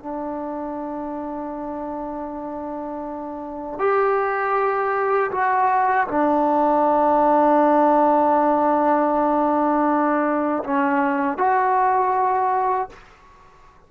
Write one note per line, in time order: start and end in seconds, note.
0.00 3.79 D4
3.79 5.31 G4
5.32 6.08 F#4
6.08 10.64 D4
10.64 11.38 C#4
11.38 12.90 F#4